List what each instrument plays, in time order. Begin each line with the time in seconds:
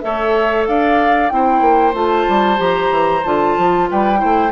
0.00 bassoon A3, clarinet A4, oboe C#5, flute E5
0.67 bassoon D4, oboe D5, flute F5
1.29 bassoon C4, clarinet E4, oboe C5, flute G5
1.61 bassoon A#3
1.93 bassoon A3, clarinet F4, flute A5
2.28 bassoon G3
2.56 bassoon F3, clarinet G4, flute A#5
2.90 bassoon E3
3.24 bassoon D3, clarinet F4, flute A5
3.57 bassoon F3
3.90 bassoon G3, oboe B4, flute G5
4.16 clarinet E4, oboe C5
4.23 bassoon A3